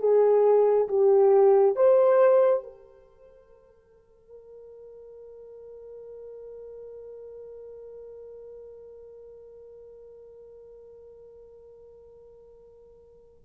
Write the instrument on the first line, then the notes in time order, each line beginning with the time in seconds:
horn
0.00 G#4
0.89 G4
1.76 C5
2.64 A#4